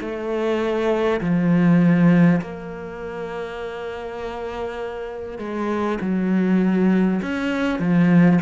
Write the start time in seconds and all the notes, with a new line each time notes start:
0.00 A3
1.20 F3
2.41 A#3
5.38 G#3
6.00 F#3
7.22 C#4
7.79 F3